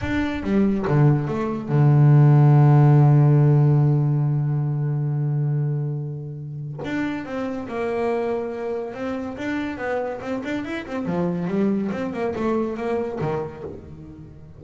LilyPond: \new Staff \with { instrumentName = "double bass" } { \time 4/4 \tempo 4 = 141 d'4 g4 d4 a4 | d1~ | d1~ | d1 |
d'4 c'4 ais2~ | ais4 c'4 d'4 b4 | c'8 d'8 e'8 c'8 f4 g4 | c'8 ais8 a4 ais4 dis4 | }